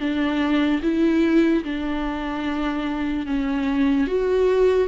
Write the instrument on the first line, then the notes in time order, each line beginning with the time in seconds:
viola
0.00 D4
0.83 E4
1.64 D4
3.26 C#4
4.07 F#4